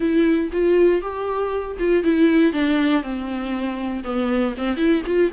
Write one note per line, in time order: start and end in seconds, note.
0.00 0.50 E4
0.52 1.01 F4
1.01 1.77 G4
1.79 2.03 F4
2.03 2.52 E4
2.52 3.02 D4
3.02 4.03 C4
4.03 4.54 B3
4.57 4.76 C4
4.76 5.02 E4
5.06 5.31 F4